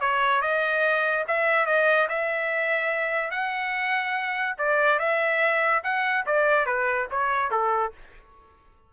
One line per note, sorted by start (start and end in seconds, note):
0.00 0.41 C#5
0.41 1.24 D#5
1.27 1.66 E5
1.66 2.07 D#5
2.08 3.30 E5
3.30 4.55 F#5
4.58 4.98 D5
4.98 5.82 E5
5.83 6.25 F#5
6.26 6.65 D5
6.65 7.07 B4
7.10 7.50 C#5
7.50 7.92 A4